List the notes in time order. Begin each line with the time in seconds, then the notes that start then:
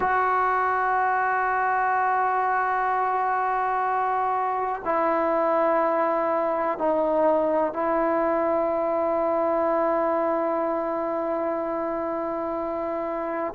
0.00 F#4
4.84 E4
6.78 D#4
7.73 E4